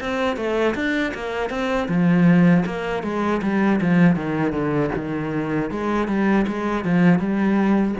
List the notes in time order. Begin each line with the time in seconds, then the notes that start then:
0.00 C4
0.36 A3
0.75 D4
1.14 A#3
1.49 C4
1.88 F3
2.65 A#3
3.03 G#3
3.42 G3
3.81 F3
4.16 D#3
4.52 D3
4.95 D#3
5.70 G#3
6.08 G3
6.47 G#3
6.85 F3
7.18 G3